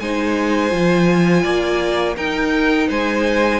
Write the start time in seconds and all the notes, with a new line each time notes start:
0.00 G#3 D#4 C5 G#5
0.70 F3 F4
1.43 A#3 D5
2.17 D#4 A#4 G5
2.88 G#3 C5 G#5